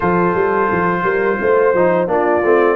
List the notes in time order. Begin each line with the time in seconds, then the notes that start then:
0.00 F3 F4 A4 C5
0.34 G3
0.71 F3
1.03 G3 A#4
1.41 A3 C5
1.73 F3 D#4
2.07 A#3 D4 F4 D5
2.43 A3 C4